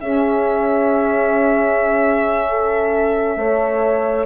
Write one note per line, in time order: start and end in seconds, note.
0.00 3.36 C#4
0.00 3.38 C#4
0.00 2.48 G#4
0.00 4.25 E5
2.48 3.38 A4
3.36 4.25 A3
3.36 4.25 A4
3.36 4.25 C#5